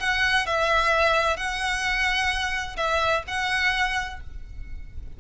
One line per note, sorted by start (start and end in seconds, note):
0.00 0.47 F#5
0.47 1.37 E5
1.37 2.76 F#5
2.77 3.23 E5
3.27 4.21 F#5